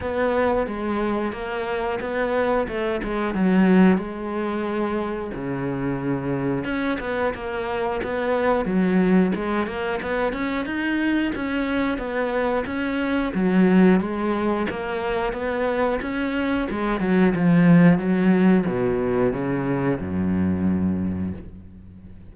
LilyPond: \new Staff \with { instrumentName = "cello" } { \time 4/4 \tempo 4 = 90 b4 gis4 ais4 b4 | a8 gis8 fis4 gis2 | cis2 cis'8 b8 ais4 | b4 fis4 gis8 ais8 b8 cis'8 |
dis'4 cis'4 b4 cis'4 | fis4 gis4 ais4 b4 | cis'4 gis8 fis8 f4 fis4 | b,4 cis4 fis,2 | }